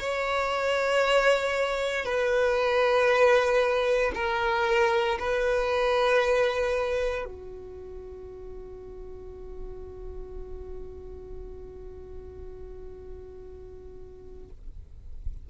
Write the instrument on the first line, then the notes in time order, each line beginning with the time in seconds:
violin
0.00 C#5
2.05 B4
4.15 A#4
5.20 B4
7.26 F#4